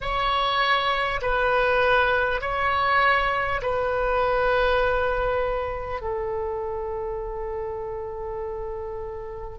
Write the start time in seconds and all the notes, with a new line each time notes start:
0.00 C#5
1.21 B4
2.41 C#5
3.62 B4
6.01 A4